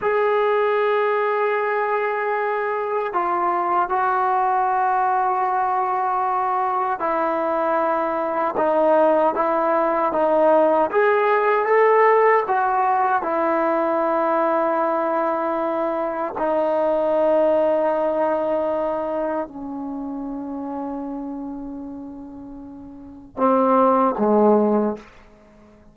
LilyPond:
\new Staff \with { instrumentName = "trombone" } { \time 4/4 \tempo 4 = 77 gis'1 | f'4 fis'2.~ | fis'4 e'2 dis'4 | e'4 dis'4 gis'4 a'4 |
fis'4 e'2.~ | e'4 dis'2.~ | dis'4 cis'2.~ | cis'2 c'4 gis4 | }